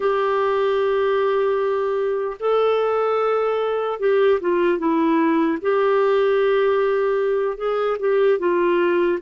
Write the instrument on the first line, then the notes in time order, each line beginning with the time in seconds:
clarinet
0.00 G4
2.39 A4
3.99 G4
4.40 F4
4.78 E4
5.61 G4
7.57 G#4
7.99 G4
8.38 F4